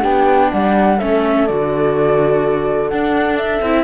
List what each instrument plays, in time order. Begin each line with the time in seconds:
0.00 cello B3, viola D4, horn G4, flute G5
0.52 cello G3, horn D5, flute F#5
0.98 cello A3, viola C#4, horn A4, flute E5
1.47 cello D3, viola F#4, flute D5
2.89 cello D4, viola D4, flute F#5
3.37 flute E5
3.62 cello C4, viola E4